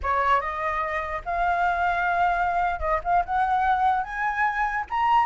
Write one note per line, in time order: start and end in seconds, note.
0.02 0.41 C#5
0.41 1.22 D#5
1.25 2.79 F5
2.79 2.99 D#5
3.04 3.24 F5
3.25 4.03 F#5
4.03 4.84 G#5
4.89 5.25 A#5